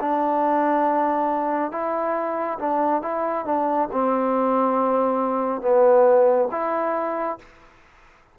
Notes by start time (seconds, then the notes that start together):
0.00 D4
1.71 E4
2.59 D4
3.02 E4
3.45 D4
3.92 C4
5.61 B3
6.51 E4